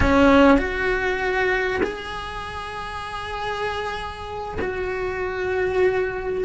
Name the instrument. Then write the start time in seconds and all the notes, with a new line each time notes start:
cello
0.00 C#4
0.58 F#4
1.83 G#4
4.61 F#4